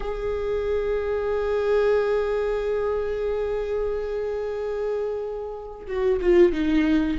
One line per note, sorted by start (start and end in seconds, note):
0.00 5.86 G#4
5.87 6.20 F#4
6.21 6.52 F4
6.52 7.17 D#4